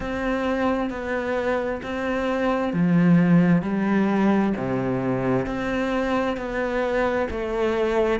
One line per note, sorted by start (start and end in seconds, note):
0.00 0.90 C4
0.90 1.81 B3
1.83 2.73 C4
2.73 3.62 F3
3.62 4.52 G3
4.57 5.45 C3
5.45 6.36 C4
6.36 7.27 B3
7.30 8.19 A3